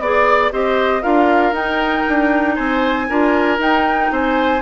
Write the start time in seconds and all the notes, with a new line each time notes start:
0.00 B3 G#4 D5
0.51 C4 G4 C5 D#5
1.02 D4 F4 A#4 F5
1.52 D#4 G5
2.08 D4
2.55 C4 C5 G#5
3.09 D4 F4 A#4
3.58 D#4 G5
4.11 C4 C5 G#5